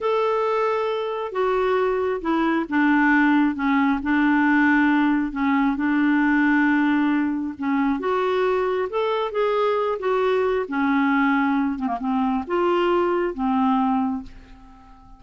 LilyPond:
\new Staff \with { instrumentName = "clarinet" } { \time 4/4 \tempo 4 = 135 a'2. fis'4~ | fis'4 e'4 d'2 | cis'4 d'2. | cis'4 d'2.~ |
d'4 cis'4 fis'2 | a'4 gis'4. fis'4. | cis'2~ cis'8 c'16 ais16 c'4 | f'2 c'2 | }